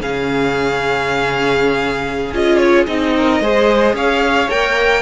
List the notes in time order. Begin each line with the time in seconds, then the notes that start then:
0.00 C#3 C#4 G#4 F5
2.32 C#4 F4 D#5
2.57 C#5
2.86 C4 D#4 D#5
3.16 A#4
3.40 G#3 G#4 C5
3.93 C#4 C#5 F5
4.50 A#3 A#4 G5